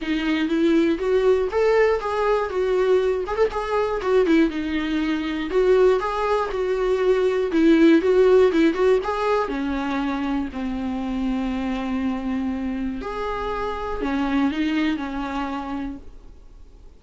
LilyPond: \new Staff \with { instrumentName = "viola" } { \time 4/4 \tempo 4 = 120 dis'4 e'4 fis'4 a'4 | gis'4 fis'4. gis'16 a'16 gis'4 | fis'8 e'8 dis'2 fis'4 | gis'4 fis'2 e'4 |
fis'4 e'8 fis'8 gis'4 cis'4~ | cis'4 c'2.~ | c'2 gis'2 | cis'4 dis'4 cis'2 | }